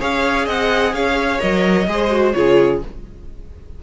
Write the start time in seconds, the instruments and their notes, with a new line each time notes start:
0.00 cello C#4, viola G#4, violin C#5 F5
0.46 cello C4, violin D#5 F#5
0.93 cello C#4, violin C#5 F5
1.39 cello F#3, viola A#4, violin D#5
1.87 cello G#3, viola G#4, violin C5
2.11 viola F#4
2.32 cello C#3, viola F4, violin G#4 C#5